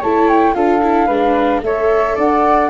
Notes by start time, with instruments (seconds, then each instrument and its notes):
0.00 tuba A3, viola E4, flute C#5 A5
0.29 flute G5
0.55 tuba D4, viola F4, flute A4 F5
0.83 viola E4
1.07 tuba G#3, viola D4, flute B4
1.62 tuba A3, viola A4, flute C#5 E5
2.16 tuba D4, flute D5 F#5